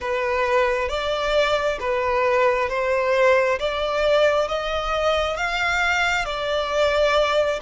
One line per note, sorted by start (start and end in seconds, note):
0.00 0.88 B4
0.88 1.78 D5
1.80 2.69 B4
2.69 3.58 C5
3.59 4.48 D5
4.48 5.36 D#5
5.36 6.25 F5
6.25 7.59 D5